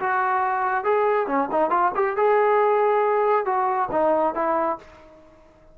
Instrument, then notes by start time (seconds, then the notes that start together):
trombone
0.00 F#4
0.85 G#4
1.27 C#4
1.52 D#4
1.71 F4
1.95 G4
2.17 G#4
3.46 F#4
3.92 D#4
4.35 E4